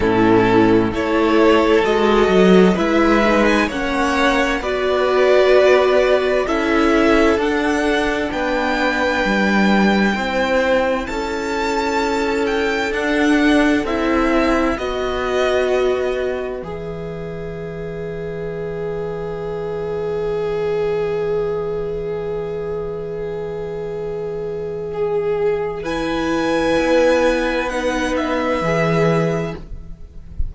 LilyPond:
<<
  \new Staff \with { instrumentName = "violin" } { \time 4/4 \tempo 4 = 65 a'4 cis''4 dis''4 e''8. gis''16 | fis''4 d''2 e''4 | fis''4 g''2. | a''4. g''8 fis''4 e''4 |
dis''2 e''2~ | e''1~ | e''1 | gis''2 fis''8 e''4. | }
  \new Staff \with { instrumentName = "violin" } { \time 4/4 e'4 a'2 b'4 | cis''4 b'2 a'4~ | a'4 b'2 c''4 | a'1 |
b'1~ | b'1~ | b'2. gis'4 | b'1 | }
  \new Staff \with { instrumentName = "viola" } { \time 4/4 cis'4 e'4 fis'4 e'8 dis'8 | cis'4 fis'2 e'4 | d'2. e'4~ | e'2 d'4 e'4 |
fis'2 gis'2~ | gis'1~ | gis'1 | e'2 dis'4 gis'4 | }
  \new Staff \with { instrumentName = "cello" } { \time 4/4 a,4 a4 gis8 fis8 gis4 | ais4 b2 cis'4 | d'4 b4 g4 c'4 | cis'2 d'4 c'4 |
b2 e2~ | e1~ | e1~ | e4 b2 e4 | }
>>